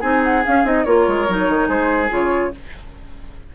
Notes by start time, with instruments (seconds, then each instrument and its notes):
0.00 bassoon C4, clarinet D#4, oboe G#4, flute G#5
0.24 flute F#5
0.45 clarinet C#4, bassoon C#4, flute F5
0.64 bassoon C4, clarinet D#4, flute D#5
0.85 bassoon A#3, clarinet F4, oboe A#4, flute C#5
1.08 bassoon G#3
1.28 bassoon F#3, clarinet D#4
1.49 bassoon D#3
1.68 bassoon G#3, oboe G#4, flute C5
2.09 bassoon C#3, clarinet F4, flute C#5